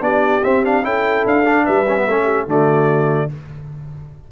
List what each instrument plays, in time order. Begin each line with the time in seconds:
0.00 tuba B3, trombone D4, horn G4, trumpet D5
0.44 trombone C4, tuba C4, trumpet E5
0.64 trombone D4, trumpet F5
0.83 tuba C#4, trombone E4, horn A4, trumpet G5
1.26 tuba D4, trumpet F5
1.45 trombone D4
1.64 tuba G3, horn B4, trumpet E5
1.88 trombone C#4
1.97 trombone B3
2.08 tuba A3, trombone C#4, horn A4
2.24 horn G4
2.46 tuba D3, trombone A3, horn F#4, trumpet D5